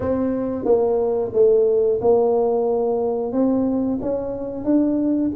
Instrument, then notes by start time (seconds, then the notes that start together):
tuba
0.00 C4
0.64 A#3
1.33 A3
2.01 A#3
3.32 C4
4.01 C#4
4.64 D4